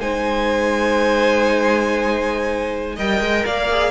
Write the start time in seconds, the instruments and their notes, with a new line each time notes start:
0.00 cello G#3, viola D#4, violin C5 G#5
2.95 cello G3, viola A#4, violin D#5 G5
3.21 cello G#3
3.45 cello A#3, violin D5 F5
3.70 viola G#4